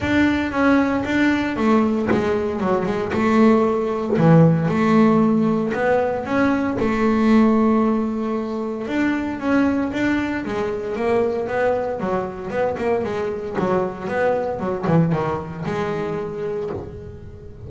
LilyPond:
\new Staff \with { instrumentName = "double bass" } { \time 4/4 \tempo 4 = 115 d'4 cis'4 d'4 a4 | gis4 fis8 gis8 a2 | e4 a2 b4 | cis'4 a2.~ |
a4 d'4 cis'4 d'4 | gis4 ais4 b4 fis4 | b8 ais8 gis4 fis4 b4 | fis8 e8 dis4 gis2 | }